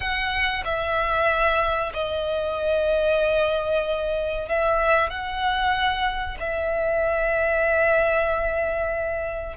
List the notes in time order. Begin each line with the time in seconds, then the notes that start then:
0.00 F#5
0.64 E5
1.93 D#5
4.48 E5
5.09 F#5
6.39 E5